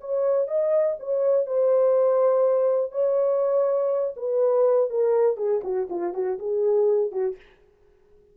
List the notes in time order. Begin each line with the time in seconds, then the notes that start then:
0.00 C#5
0.47 D#5
0.99 C#5
1.46 C5
2.91 C#5
4.16 B4
4.90 A#4
5.37 G#4
5.63 F#4
5.89 F4
6.13 F#4
6.38 G#4
7.11 F#4